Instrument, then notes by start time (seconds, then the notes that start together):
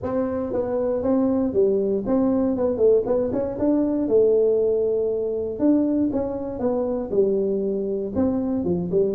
tuba
0.03 C4
0.52 B3
1.02 C4
1.53 G3
2.06 C4
2.56 B3
2.77 A3
3.06 B3
3.32 C#4
3.58 D4
4.07 A3
5.59 D4
6.12 C#4
6.59 B3
7.10 G3
8.15 C4
8.64 F3
8.91 G3